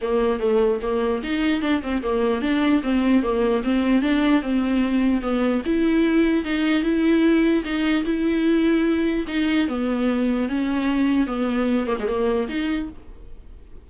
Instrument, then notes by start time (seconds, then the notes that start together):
viola
0.01 A#3
0.39 A3
0.82 A#3
1.23 D#4
1.61 D4
1.82 C4
2.02 A#3
2.41 D4
2.82 C4
3.22 A#3
3.63 C4
4.02 D4
4.42 C4
5.21 B3
5.65 E4
6.44 D#4
6.83 E4
7.64 D#4
8.04 E4
9.27 D#4
9.68 B3
10.48 C#4
11.27 B3
11.86 A#3
11.99 G#3
12.07 A#3
12.48 D#4